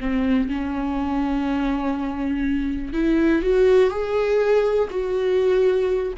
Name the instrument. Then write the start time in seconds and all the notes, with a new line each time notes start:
viola
0.00 C4
0.49 C#4
2.93 E4
3.42 F#4
3.90 G#4
4.90 F#4